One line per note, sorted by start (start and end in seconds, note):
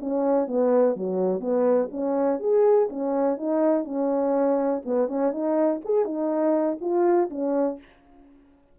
0.00 0.47 C#4
0.47 0.96 B3
0.96 1.41 F#3
1.41 1.89 B3
1.91 2.40 C#4
2.40 2.89 G#4
2.90 3.37 C#4
3.37 3.85 D#4
3.85 4.82 C#4
4.86 5.08 B3
5.08 5.32 C#4
5.32 5.81 D#4
5.85 6.05 G#4
6.05 6.78 D#4
6.81 7.30 F4
7.30 7.79 C#4